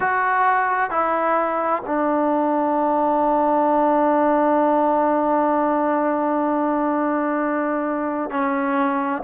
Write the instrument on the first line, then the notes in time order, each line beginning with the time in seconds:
trombone
0.00 F#4
0.90 E4
1.86 D4
8.30 C#4